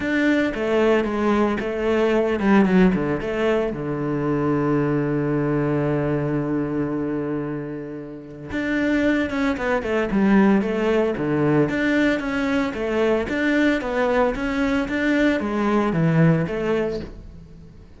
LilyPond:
\new Staff \with { instrumentName = "cello" } { \time 4/4 \tempo 4 = 113 d'4 a4 gis4 a4~ | a8 g8 fis8 d8 a4 d4~ | d1~ | d1 |
d'4. cis'8 b8 a8 g4 | a4 d4 d'4 cis'4 | a4 d'4 b4 cis'4 | d'4 gis4 e4 a4 | }